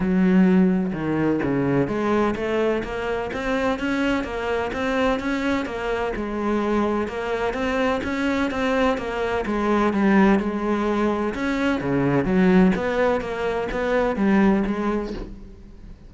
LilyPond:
\new Staff \with { instrumentName = "cello" } { \time 4/4 \tempo 4 = 127 fis2 dis4 cis4 | gis4 a4 ais4 c'4 | cis'4 ais4 c'4 cis'4 | ais4 gis2 ais4 |
c'4 cis'4 c'4 ais4 | gis4 g4 gis2 | cis'4 cis4 fis4 b4 | ais4 b4 g4 gis4 | }